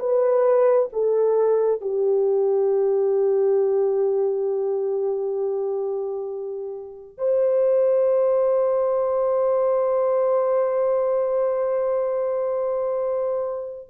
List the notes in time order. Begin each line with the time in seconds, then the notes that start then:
0.00 B4
0.93 A4
1.82 G4
7.18 C5